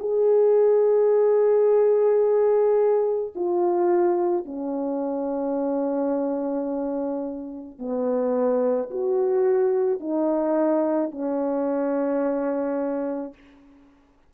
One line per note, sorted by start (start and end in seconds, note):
0.00 3.33 G#4
3.35 4.45 F4
4.45 7.79 C#4
7.79 8.90 B3
8.91 10.01 F#4
10.01 11.12 D#4
11.12 13.34 C#4